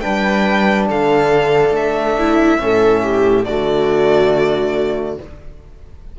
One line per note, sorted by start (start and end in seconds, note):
0.00 0.91 G3
0.00 2.58 D4
0.00 0.87 B4
0.00 0.86 G5
0.88 1.70 D3
0.88 2.17 A4
0.88 1.76 F5
1.70 2.56 A3
1.70 3.44 E5
2.18 2.61 E4
2.58 3.46 A2
2.58 3.44 C#4
2.58 3.03 A4
3.03 3.46 G4
3.44 5.17 D3
3.44 5.19 A3
3.44 5.19 F#4
3.44 5.16 D5